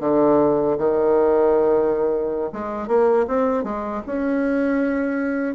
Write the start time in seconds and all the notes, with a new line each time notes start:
0.00 D3
0.78 D#3
2.52 G#3
2.87 A#3
3.28 C4
3.64 G#3
4.06 C#4